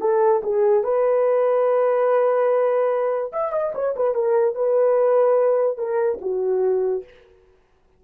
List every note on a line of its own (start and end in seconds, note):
0.00 0.41 A4
0.43 0.83 G#4
0.83 3.32 B4
3.32 3.52 E5
3.52 3.73 D#5
3.74 3.95 C#5
3.96 4.14 B4
4.14 4.55 A#4
4.55 5.77 B4
5.77 6.19 A#4
6.21 7.04 F#4